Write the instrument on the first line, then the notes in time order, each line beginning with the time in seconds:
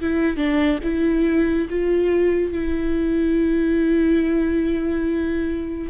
viola
0.00 E4
0.36 D4
0.83 E4
1.69 F4
2.52 E4